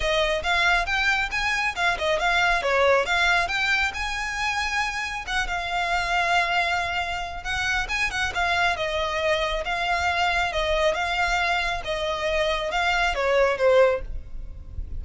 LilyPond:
\new Staff \with { instrumentName = "violin" } { \time 4/4 \tempo 4 = 137 dis''4 f''4 g''4 gis''4 | f''8 dis''8 f''4 cis''4 f''4 | g''4 gis''2. | fis''8 f''2.~ f''8~ |
f''4 fis''4 gis''8 fis''8 f''4 | dis''2 f''2 | dis''4 f''2 dis''4~ | dis''4 f''4 cis''4 c''4 | }